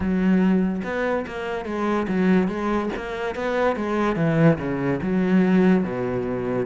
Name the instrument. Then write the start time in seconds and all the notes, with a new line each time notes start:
cello
0.00 F#3
0.84 B3
1.27 A#3
1.65 G#3
2.08 F#3
2.48 G#3
2.96 A#3
3.35 B3
3.76 G#3
4.16 E3
4.58 C#3
5.02 F#3
5.83 B2